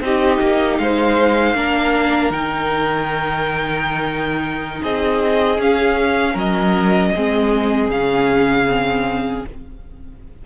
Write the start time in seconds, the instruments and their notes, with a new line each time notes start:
0.00 cello C4, viola D#4, violin G4 D#5
0.40 cello A#3
0.77 cello G#3, violin C5 F5
1.54 cello A#3, viola D4, violin A#4
2.30 cello D#3, viola D#4, violin G5
4.82 cello C4, violin G#4 D#5
5.58 cello C#4, viola C#4, violin F5
6.33 cello F#3, violin A#4 D#5
7.15 cello G#3, viola C4, violin G#4
7.89 cello C#3, viola C#4, violin F5
8.67 viola C4